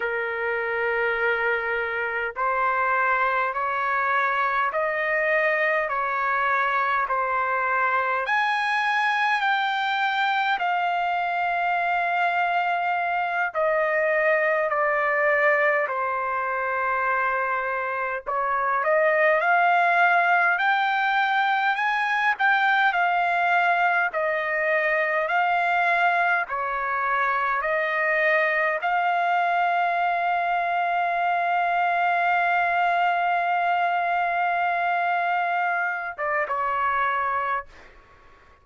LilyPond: \new Staff \with { instrumentName = "trumpet" } { \time 4/4 \tempo 4 = 51 ais'2 c''4 cis''4 | dis''4 cis''4 c''4 gis''4 | g''4 f''2~ f''8 dis''8~ | dis''8 d''4 c''2 cis''8 |
dis''8 f''4 g''4 gis''8 g''8 f''8~ | f''8 dis''4 f''4 cis''4 dis''8~ | dis''8 f''2.~ f''8~ | f''2~ f''8. d''16 cis''4 | }